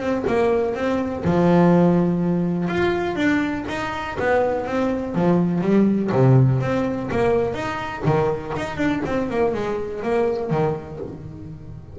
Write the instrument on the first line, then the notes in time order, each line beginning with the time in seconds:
double bass
0.00 C4
0.27 A#3
0.75 C4
1.25 F3
2.69 F4
3.16 D4
3.69 D#4
4.20 B3
4.67 C4
5.15 F3
5.62 G3
6.13 C3
6.61 C4
7.12 A#3
7.55 D#4
8.06 D#3
8.57 D#4
8.77 D4
9.06 C4
9.30 A#3
9.54 G#3
10.03 A#3
10.51 D#3